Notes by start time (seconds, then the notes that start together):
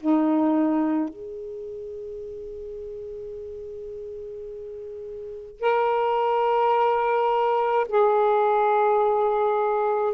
0.00 D#4
1.09 G#4
5.60 A#4
7.88 G#4